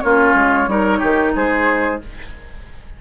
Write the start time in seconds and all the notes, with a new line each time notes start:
0.00 A#3 C#4 F4 C#5
0.34 G#3
0.67 G3 D#4 A#4
0.99 D#3 G4
1.35 G#3 G#4 C5